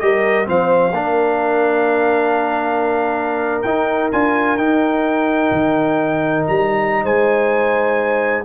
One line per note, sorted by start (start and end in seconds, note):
0.00 0.48 G3
0.00 0.45 G4
0.00 0.48 A#4
0.00 0.47 D#5
0.45 0.92 F3
0.45 0.92 C4
0.45 0.95 C5
0.45 3.62 F5
0.92 3.62 A#3
0.92 3.64 D4
0.92 7.03 A#4
3.62 4.11 D#4
3.62 4.12 D#4
3.62 4.09 G5
4.12 4.57 D4
4.12 4.58 F4
4.12 4.57 G#5
4.57 5.51 D#4
4.57 8.45 D#4
4.57 6.45 G5
5.51 6.45 D#3
6.47 7.04 G3
6.47 7.05 A#5
7.03 8.44 G#3
7.03 8.44 C5
7.03 8.45 G#5